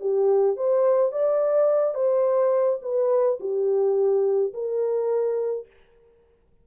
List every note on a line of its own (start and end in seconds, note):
0.00 0.56 G4
0.56 1.12 C5
1.12 1.94 D5
1.94 2.79 C5
2.82 3.39 B4
3.40 4.53 G4
4.53 5.67 A#4